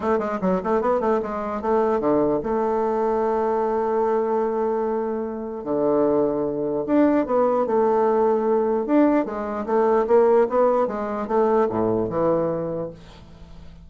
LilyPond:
\new Staff \with { instrumentName = "bassoon" } { \time 4/4 \tempo 4 = 149 a8 gis8 fis8 a8 b8 a8 gis4 | a4 d4 a2~ | a1~ | a2 d2~ |
d4 d'4 b4 a4~ | a2 d'4 gis4 | a4 ais4 b4 gis4 | a4 a,4 e2 | }